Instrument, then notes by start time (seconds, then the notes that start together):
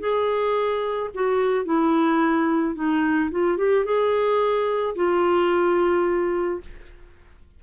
clarinet
0.00 G#4
1.15 F#4
1.65 E4
2.75 D#4
3.32 F4
3.58 G4
3.85 G#4
4.96 F4